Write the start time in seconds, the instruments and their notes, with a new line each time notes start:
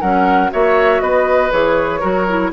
0.00 bassoon F#3, clarinet C#4, oboe A#4, flute F#5
0.50 bassoon A#3, clarinet F#4, oboe C#5, flute E5
1.00 bassoon B3, oboe B4, flute D#5
1.50 bassoon E3, clarinet G#4, flute C#5
2.00 bassoon F#3, clarinet F#4, oboe A#4
2.28 clarinet E4